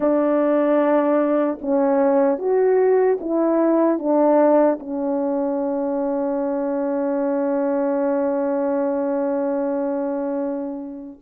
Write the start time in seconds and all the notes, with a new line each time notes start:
0.00 D4
1.61 C#4
2.38 F#4
3.20 E4
3.98 D4
4.79 C#4